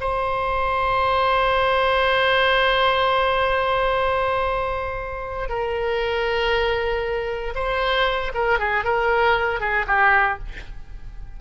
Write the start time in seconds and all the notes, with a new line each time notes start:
0.00 C5
5.49 A#4
7.55 C5
8.34 A#4
8.59 G#4
8.84 A#4
9.60 G#4
9.87 G4